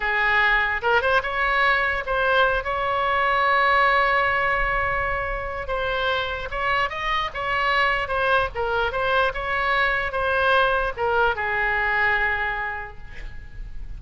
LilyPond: \new Staff \with { instrumentName = "oboe" } { \time 4/4 \tempo 4 = 148 gis'2 ais'8 c''8 cis''4~ | cis''4 c''4. cis''4.~ | cis''1~ | cis''2 c''2 |
cis''4 dis''4 cis''2 | c''4 ais'4 c''4 cis''4~ | cis''4 c''2 ais'4 | gis'1 | }